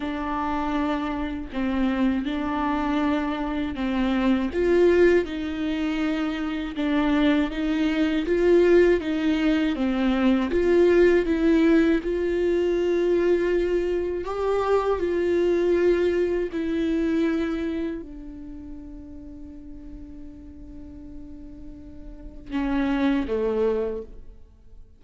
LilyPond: \new Staff \with { instrumentName = "viola" } { \time 4/4 \tempo 4 = 80 d'2 c'4 d'4~ | d'4 c'4 f'4 dis'4~ | dis'4 d'4 dis'4 f'4 | dis'4 c'4 f'4 e'4 |
f'2. g'4 | f'2 e'2 | d'1~ | d'2 cis'4 a4 | }